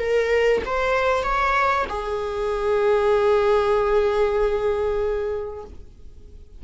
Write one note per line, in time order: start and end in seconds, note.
0.00 0.62 A#4
0.66 1.24 C5
1.24 1.86 C#5
1.89 5.64 G#4